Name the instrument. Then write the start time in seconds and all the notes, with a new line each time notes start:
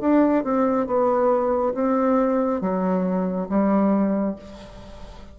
bassoon
0.00 D4
0.43 C4
0.87 B3
1.74 C4
2.61 F#3
3.49 G3